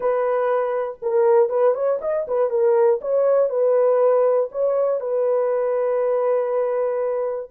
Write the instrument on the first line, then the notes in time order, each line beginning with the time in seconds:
horn
0.00 B4
1.02 A#4
1.49 B4
1.74 C#5
2.01 D#5
2.27 B4
2.50 A#4
3.01 C#5
3.49 B4
4.51 C#5
5.00 B4